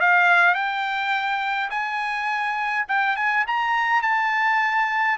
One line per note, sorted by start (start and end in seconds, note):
0.00 0.54 F5
0.54 1.70 G5
1.70 2.86 G#5
2.88 3.16 G5
3.16 3.45 G#5
3.47 4.02 A#5
4.02 5.17 A5